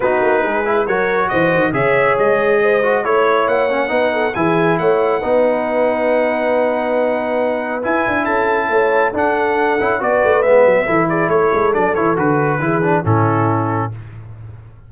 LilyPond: <<
  \new Staff \with { instrumentName = "trumpet" } { \time 4/4 \tempo 4 = 138 b'2 cis''4 dis''4 | e''4 dis''2 cis''4 | fis''2 gis''4 fis''4~ | fis''1~ |
fis''2 gis''4 a''4~ | a''4 fis''2 d''4 | e''4. d''8 cis''4 d''8 cis''8 | b'2 a'2 | }
  \new Staff \with { instrumentName = "horn" } { \time 4/4 fis'4 gis'4 ais'4 c''4 | cis''2 c''4 cis''4~ | cis''4 b'8 a'8 gis'4 cis''4 | b'1~ |
b'2. a'4 | cis''4 a'2 b'4~ | b'4 a'8 gis'8 a'2~ | a'4 gis'4 e'2 | }
  \new Staff \with { instrumentName = "trombone" } { \time 4/4 dis'4. e'8 fis'2 | gis'2~ gis'8 fis'8 e'4~ | e'8 cis'8 dis'4 e'2 | dis'1~ |
dis'2 e'2~ | e'4 d'4. e'8 fis'4 | b4 e'2 d'8 e'8 | fis'4 e'8 d'8 cis'2 | }
  \new Staff \with { instrumentName = "tuba" } { \time 4/4 b8 ais8 gis4 fis4 e8 dis8 | cis4 gis2 a4 | ais4 b4 e4 a4 | b1~ |
b2 e'8 d'8 cis'4 | a4 d'4. cis'8 b8 a8 | gis8 fis8 e4 a8 gis8 fis8 e8 | d4 e4 a,2 | }
>>